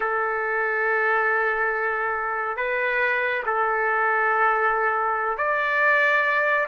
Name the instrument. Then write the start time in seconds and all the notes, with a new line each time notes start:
trumpet
0.00 A4
2.56 B4
3.46 A4
5.37 D5